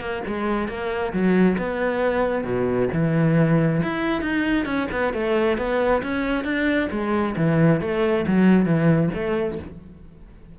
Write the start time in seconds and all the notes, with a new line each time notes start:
0.00 A#3
0.27 G#3
0.68 A#3
1.13 F#3
1.57 B3
2.44 B2
2.93 E3
3.82 E4
4.21 D#4
4.65 C#4
4.91 B3
5.13 A3
5.58 B3
6.02 C#4
6.44 D4
6.91 G#3
7.36 E3
7.81 A3
8.27 F#3
8.65 E3
9.14 A3